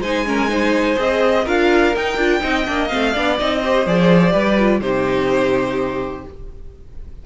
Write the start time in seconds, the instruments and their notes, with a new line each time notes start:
0.00 cello G#3, viola D#4, violin C5 G#5
0.25 viola C#4, violin A#4
0.48 viola D#4, violin C5
0.96 cello C4, viola G#4, violin D#5
1.44 cello D4, viola F4, violin A#4 F5
1.96 cello D#4, viola D#4, violin G5
2.17 cello D4, viola F4
2.41 cello C4, viola D#4, violin D#5
2.65 cello A#3, viola D4
2.88 cello A3, viola C4, violin F5
3.12 cello B3, viola D4, violin D5
3.39 cello C4, viola D#4, violin D#5
3.60 viola G4, violin C5
3.86 cello F3, viola G#4, violin D5
4.32 cello G3, viola G4, violin B4
4.59 viola F4
4.80 cello C3, viola D#4, violin G4 C5